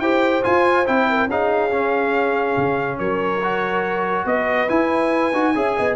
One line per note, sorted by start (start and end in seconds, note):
0.00 0.43 E4
0.00 0.43 G4
0.00 1.08 C5
0.00 0.43 G5
0.43 0.86 F4
0.43 0.88 F4
0.43 0.87 G#5
0.86 1.27 C4
0.86 1.29 E4
0.86 1.30 G5
1.10 1.29 A#4
1.27 2.55 C#4
1.27 1.71 D#4
1.27 2.98 G#4
1.27 2.99 F5
1.71 3.41 C#4
2.58 2.99 C#3
2.98 4.26 F#3
2.98 4.26 A#4
2.98 4.27 C#5
3.43 4.69 F#4
4.26 4.68 B3
4.26 5.56 B4
4.26 4.69 D#5
4.69 5.33 E4
4.69 5.34 E4
4.69 5.96 G#5
5.34 5.55 D#4
5.34 5.55 F#4
5.55 5.77 C#4
5.55 5.96 G#4
5.55 5.77 E5
5.77 5.96 B3
5.77 5.96 D#5